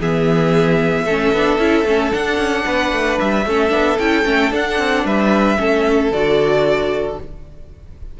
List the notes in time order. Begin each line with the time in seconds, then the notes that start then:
0.00 E3 B3 G#4 E5
1.04 A3 C#4 A4
1.32 B3 D4
1.58 C#4 E4
1.85 A3 C#4
2.11 D4 F#5
2.37 C#4
2.66 B3 B4
2.92 A3
3.19 G3 E5
3.45 A3 C#4 A4
3.69 B3 D4
3.99 C#4 E4 G5
4.24 A3 C#4
4.50 D4 F#5
4.78 C4
5.05 G3 B4 E5
5.57 A3 C#4 A4
6.11 D3 F#4 D5